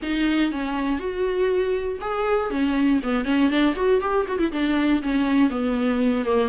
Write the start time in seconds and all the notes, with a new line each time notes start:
0.02 D#4
0.51 C#4
0.99 F#4
2.00 G#4
2.50 C#4
3.03 B3
3.25 C#4
3.50 D4
3.75 F#4
4.00 G4
4.27 F#4
4.39 E4
4.51 D4
5.02 C#4
5.50 B3
6.25 A#3